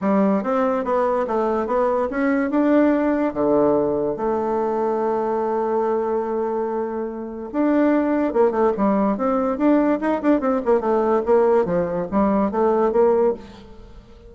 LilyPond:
\new Staff \with { instrumentName = "bassoon" } { \time 4/4 \tempo 4 = 144 g4 c'4 b4 a4 | b4 cis'4 d'2 | d2 a2~ | a1~ |
a2 d'2 | ais8 a8 g4 c'4 d'4 | dis'8 d'8 c'8 ais8 a4 ais4 | f4 g4 a4 ais4 | }